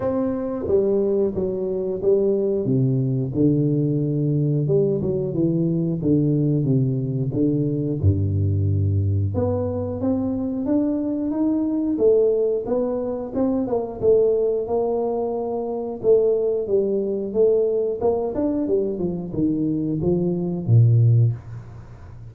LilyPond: \new Staff \with { instrumentName = "tuba" } { \time 4/4 \tempo 4 = 90 c'4 g4 fis4 g4 | c4 d2 g8 fis8 | e4 d4 c4 d4 | g,2 b4 c'4 |
d'4 dis'4 a4 b4 | c'8 ais8 a4 ais2 | a4 g4 a4 ais8 d'8 | g8 f8 dis4 f4 ais,4 | }